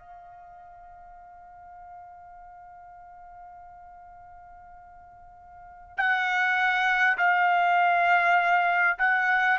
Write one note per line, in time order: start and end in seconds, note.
0.00 5.98 F5
5.98 7.18 F#5
7.18 8.98 F5
8.99 9.59 F#5